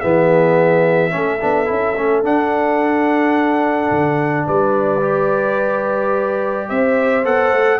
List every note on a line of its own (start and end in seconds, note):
0.00 1.14 E3
0.00 1.10 B3
0.00 1.11 G#4
0.00 2.22 E5
1.10 1.42 A3
1.10 1.38 C#4
1.10 4.46 A4
1.41 1.70 B3
1.41 1.65 D4
1.65 1.97 C#4
1.65 1.93 E4
1.97 2.23 A3
1.97 2.23 C#4
2.23 5.01 D4
2.23 3.90 D4
2.23 4.47 F#5
3.91 4.47 D3
4.46 6.70 G3
4.46 6.68 B4
4.46 6.69 D5
5.01 7.23 G4
6.69 7.25 C4
6.69 7.80 C5
6.69 7.25 E5
7.24 7.51 B3
7.24 7.79 A4
7.24 7.80 F#5
7.51 7.79 A3